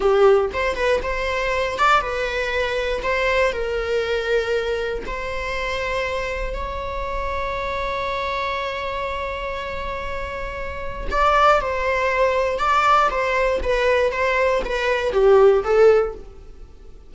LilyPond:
\new Staff \with { instrumentName = "viola" } { \time 4/4 \tempo 4 = 119 g'4 c''8 b'8 c''4. d''8 | b'2 c''4 ais'4~ | ais'2 c''2~ | c''4 cis''2.~ |
cis''1~ | cis''2 d''4 c''4~ | c''4 d''4 c''4 b'4 | c''4 b'4 g'4 a'4 | }